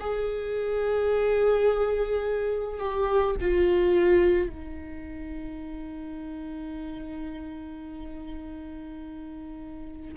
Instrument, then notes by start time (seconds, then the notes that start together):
viola
0.00 G#4
2.79 G4
3.41 F4
4.49 D#4